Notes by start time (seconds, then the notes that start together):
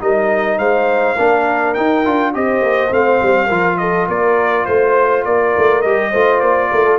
0.00 G3 D#4 A#4 D#5
0.58 G#3 C5 F5
1.16 A#3 D4 A#4
1.74 D#4 G5
2.04 D4 F4
2.34 C4 G4 C5 D#5
2.61 A#3
2.90 A3 C4 F5
3.22 G3
3.47 F3 F4 A#4
3.78 A4 D#5
4.09 A#3 A#4 D5
4.65 A3 C5
5.25 A#3 A#4 D5
5.58 A3
5.82 G3 G4 D#5
6.11 A3 F4 C5
6.40 A#3 D5
6.71 A3 A#4
6.85 A4